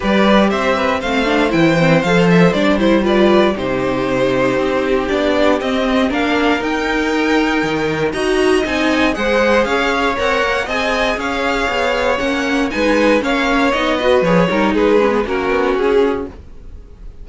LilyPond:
<<
  \new Staff \with { instrumentName = "violin" } { \time 4/4 \tempo 4 = 118 d''4 e''4 f''4 g''4 | f''8 e''8 d''8 c''8 d''4 c''4~ | c''2 d''4 dis''4 | f''4 g''2. |
ais''4 gis''4 fis''4 f''4 | fis''4 gis''4 f''2 | fis''4 gis''4 f''4 dis''4 | cis''4 b'4 ais'4 gis'4 | }
  \new Staff \with { instrumentName = "violin" } { \time 4/4 b'4 c''8 b'8 c''2~ | c''2 b'4 g'4~ | g'1 | ais'1 |
dis''2 c''4 cis''4~ | cis''4 dis''4 cis''2~ | cis''4 b'4 cis''4. b'8~ | b'8 ais'8 gis'4 fis'2 | }
  \new Staff \with { instrumentName = "viola" } { \time 4/4 g'2 c'8 d'8 e'8 c'8 | a'4 d'8 e'8 f'4 dis'4~ | dis'2 d'4 c'4 | d'4 dis'2. |
fis'4 dis'4 gis'2 | ais'4 gis'2. | cis'4 dis'4 cis'4 dis'8 fis'8 | gis'8 dis'4 cis'16 b16 cis'2 | }
  \new Staff \with { instrumentName = "cello" } { \time 4/4 g4 c'4 a4 e4 | f4 g2 c4~ | c4 c'4 b4 c'4 | ais4 dis'2 dis4 |
dis'4 c'4 gis4 cis'4 | c'8 ais8 c'4 cis'4 b4 | ais4 gis4 ais4 b4 | f8 g8 gis4 ais8 b8 cis'4 | }
>>